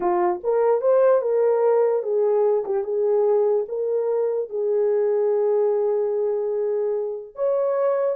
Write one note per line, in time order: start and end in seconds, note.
0.00 0.41 F4
0.43 0.81 A#4
0.81 1.21 C5
1.21 2.03 A#4
2.03 2.64 G#4
2.65 2.84 G4
2.84 3.65 G#4
3.68 4.49 A#4
4.49 7.35 G#4
7.35 8.15 C#5